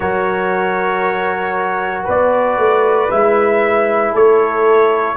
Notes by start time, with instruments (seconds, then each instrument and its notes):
0.00 tuba F#3, trombone F#4, horn A#4, trumpet C#5
2.04 tuba B3, horn B4, trumpet D5
2.57 tuba A3
3.10 tuba G#3, trombone E4, trumpet E5
4.12 tuba A3, horn A4, trumpet C#5